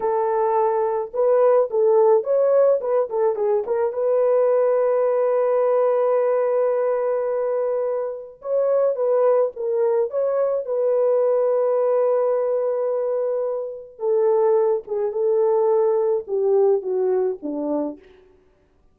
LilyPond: \new Staff \with { instrumentName = "horn" } { \time 4/4 \tempo 4 = 107 a'2 b'4 a'4 | cis''4 b'8 a'8 gis'8 ais'8 b'4~ | b'1~ | b'2. cis''4 |
b'4 ais'4 cis''4 b'4~ | b'1~ | b'4 a'4. gis'8 a'4~ | a'4 g'4 fis'4 d'4 | }